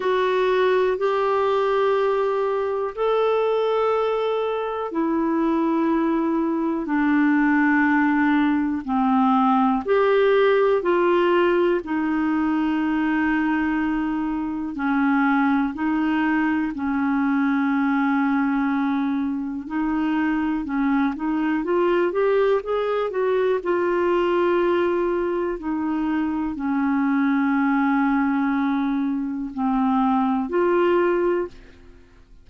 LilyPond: \new Staff \with { instrumentName = "clarinet" } { \time 4/4 \tempo 4 = 61 fis'4 g'2 a'4~ | a'4 e'2 d'4~ | d'4 c'4 g'4 f'4 | dis'2. cis'4 |
dis'4 cis'2. | dis'4 cis'8 dis'8 f'8 g'8 gis'8 fis'8 | f'2 dis'4 cis'4~ | cis'2 c'4 f'4 | }